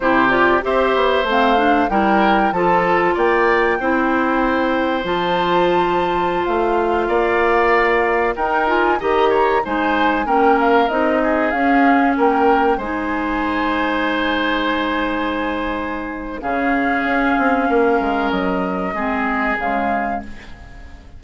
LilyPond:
<<
  \new Staff \with { instrumentName = "flute" } { \time 4/4 \tempo 4 = 95 c''8 d''8 e''4 f''4 g''4 | a''4 g''2. | a''2~ a''16 f''4.~ f''16~ | f''4~ f''16 g''8 gis''8 ais''4 gis''8.~ |
gis''16 g''8 f''8 dis''4 f''4 g''8.~ | g''16 gis''2.~ gis''8.~ | gis''2 f''2~ | f''4 dis''2 f''4 | }
  \new Staff \with { instrumentName = "oboe" } { \time 4/4 g'4 c''2 ais'4 | a'4 d''4 c''2~ | c''2.~ c''16 d''8.~ | d''4~ d''16 ais'4 dis''8 cis''8 c''8.~ |
c''16 ais'4. gis'4. ais'8.~ | ais'16 c''2.~ c''8.~ | c''2 gis'2 | ais'2 gis'2 | }
  \new Staff \with { instrumentName = "clarinet" } { \time 4/4 e'8 f'8 g'4 c'8 d'8 e'4 | f'2 e'2 | f'1~ | f'4~ f'16 dis'8 f'8 g'4 dis'8.~ |
dis'16 cis'4 dis'4 cis'4.~ cis'16~ | cis'16 dis'2.~ dis'8.~ | dis'2 cis'2~ | cis'2 c'4 gis4 | }
  \new Staff \with { instrumentName = "bassoon" } { \time 4/4 c4 c'8 b8 a4 g4 | f4 ais4 c'2 | f2~ f16 a4 ais8.~ | ais4~ ais16 dis'4 dis4 gis8.~ |
gis16 ais4 c'4 cis'4 ais8.~ | ais16 gis2.~ gis8.~ | gis2 cis4 cis'8 c'8 | ais8 gis8 fis4 gis4 cis4 | }
>>